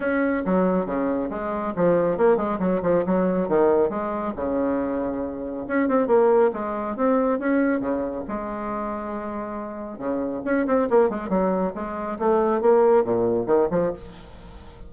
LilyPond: \new Staff \with { instrumentName = "bassoon" } { \time 4/4 \tempo 4 = 138 cis'4 fis4 cis4 gis4 | f4 ais8 gis8 fis8 f8 fis4 | dis4 gis4 cis2~ | cis4 cis'8 c'8 ais4 gis4 |
c'4 cis'4 cis4 gis4~ | gis2. cis4 | cis'8 c'8 ais8 gis8 fis4 gis4 | a4 ais4 ais,4 dis8 f8 | }